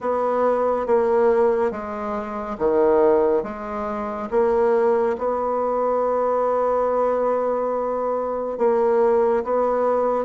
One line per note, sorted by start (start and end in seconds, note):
0.00 0.86 B3
0.86 1.71 A#3
1.71 2.56 G#3
2.58 3.43 D#3
3.43 4.29 G#3
4.31 5.16 A#3
5.17 8.58 B3
8.58 9.43 A#3
9.44 10.24 B3